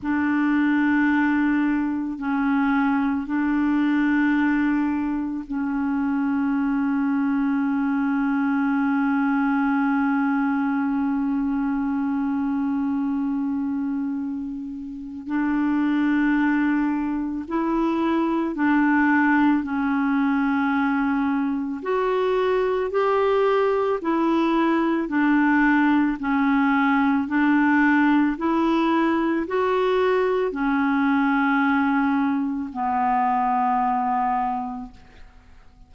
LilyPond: \new Staff \with { instrumentName = "clarinet" } { \time 4/4 \tempo 4 = 55 d'2 cis'4 d'4~ | d'4 cis'2.~ | cis'1~ | cis'2 d'2 |
e'4 d'4 cis'2 | fis'4 g'4 e'4 d'4 | cis'4 d'4 e'4 fis'4 | cis'2 b2 | }